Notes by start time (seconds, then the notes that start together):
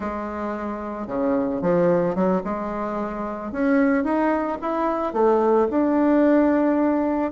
0.00 G#3
1.07 C#3
1.61 F3
2.15 F#3
2.43 G#3
3.52 C#4
4.03 D#4
4.61 E4
5.13 A3
5.70 D4